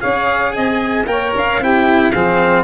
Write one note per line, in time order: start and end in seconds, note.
0.00 0.57 C#4
0.00 1.05 G#4
0.00 0.54 C#5
0.00 0.53 F5
0.53 1.07 C4
0.53 1.08 D#5
0.53 1.05 G#5
1.07 1.33 A#3
1.07 1.60 A#4
1.07 1.62 C#5
1.07 1.33 G5
1.35 1.60 C#4
1.35 1.64 F5
1.60 2.12 C4
1.60 2.13 E4
1.60 2.12 G4
1.60 2.12 G5
2.12 2.64 F3
2.12 2.64 C4
2.12 2.64 G#4
2.12 2.64 F5